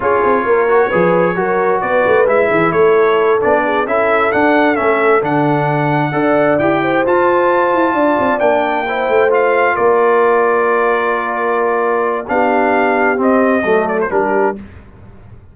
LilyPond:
<<
  \new Staff \with { instrumentName = "trumpet" } { \time 4/4 \tempo 4 = 132 cis''1 | d''4 e''4 cis''4. d''8~ | d''8 e''4 fis''4 e''4 fis''8~ | fis''2~ fis''8 g''4 a''8~ |
a''2~ a''8 g''4.~ | g''8 f''4 d''2~ d''8~ | d''2. f''4~ | f''4 dis''4. d''16 c''16 ais'4 | }
  \new Staff \with { instrumentName = "horn" } { \time 4/4 gis'4 ais'4 b'4 ais'4 | b'4. gis'8 a'2 | gis'8 a'2.~ a'8~ | a'4. d''4. c''4~ |
c''4. d''2 c''8~ | c''4. ais'2~ ais'8~ | ais'2. g'4~ | g'2 a'4 g'4 | }
  \new Staff \with { instrumentName = "trombone" } { \time 4/4 f'4. fis'8 gis'4 fis'4~ | fis'4 e'2~ e'8 d'8~ | d'8 e'4 d'4 cis'4 d'8~ | d'4. a'4 g'4 f'8~ |
f'2~ f'8 d'4 e'8~ | e'8 f'2.~ f'8~ | f'2. d'4~ | d'4 c'4 a4 d'4 | }
  \new Staff \with { instrumentName = "tuba" } { \time 4/4 cis'8 c'8 ais4 f4 fis4 | b8 a8 gis8 e8 a4. b8~ | b8 cis'4 d'4 a4 d8~ | d4. d'4 e'4 f'8~ |
f'4 e'8 d'8 c'8 ais4. | a4. ais2~ ais8~ | ais2. b4~ | b4 c'4 fis4 g4 | }
>>